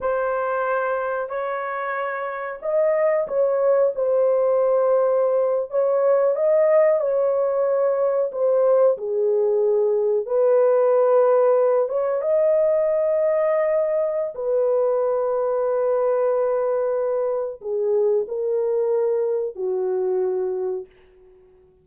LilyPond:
\new Staff \with { instrumentName = "horn" } { \time 4/4 \tempo 4 = 92 c''2 cis''2 | dis''4 cis''4 c''2~ | c''8. cis''4 dis''4 cis''4~ cis''16~ | cis''8. c''4 gis'2 b'16~ |
b'2~ b'16 cis''8 dis''4~ dis''16~ | dis''2 b'2~ | b'2. gis'4 | ais'2 fis'2 | }